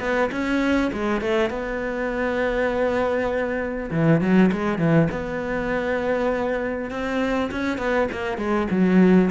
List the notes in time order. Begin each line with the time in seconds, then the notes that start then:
0.00 B3
0.32 C#4
0.93 G#3
1.21 A3
1.50 B3
3.91 E3
4.21 F#3
4.52 G#3
4.78 E3
5.11 B3
6.91 C4
7.51 C#4
7.78 B3
8.12 A#3
8.38 G#3
8.71 F#3